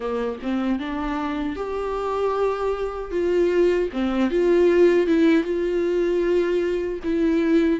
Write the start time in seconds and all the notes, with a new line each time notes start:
0.00 A#3
0.42 C4
0.79 D4
1.56 G4
3.11 F4
3.92 C4
4.30 F4
5.06 E4
5.43 F4
7.03 E4